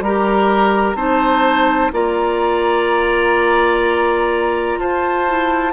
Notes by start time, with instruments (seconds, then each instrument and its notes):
0.00 bassoon G3, clarinet G4, oboe A#4, flute A#5
0.94 bassoon C4, clarinet D#4, oboe C5, flute A5
1.92 bassoon A#3, clarinet F4, oboe D5, flute A#5
4.79 bassoon F4, oboe C5, flute A5
5.27 clarinet E4